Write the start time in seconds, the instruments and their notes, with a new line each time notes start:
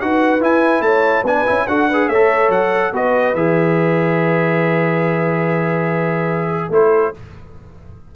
0.00 tuba D#4, trombone F#4, horn B4, trumpet F#5
0.40 tuba E4, trombone E4, trumpet G#5
0.80 tuba A3, horn C#5, trumpet A5
1.23 tuba B3, trombone D4, horn B4, trumpet G#5
1.46 tuba C#4, trombone E4
1.67 tuba D4, trombone F#4, horn A4, trumpet F#5
1.88 trombone G#4, horn B4
2.08 tuba A3, trombone A4, horn C#5, trumpet E5
2.49 tuba F#3, trumpet F#5
2.92 tuba B3, trombone F#4, horn B4, trumpet D#5
3.34 tuba E3, trombone G#4, trumpet E5
6.69 tuba A3, trombone E4, horn A4, trumpet C5